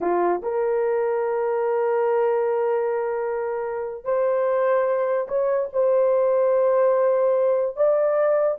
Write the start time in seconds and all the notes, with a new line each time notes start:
0.01 F4
0.42 A#4
4.04 C5
5.28 C#5
5.72 C5
7.76 D5